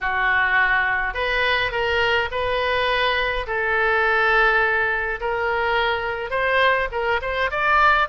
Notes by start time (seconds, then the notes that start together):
0.00 F#4
1.14 B4
1.71 A#4
2.31 B4
3.46 A4
5.20 A#4
6.30 C5
6.91 A#4
7.21 C5
7.50 D5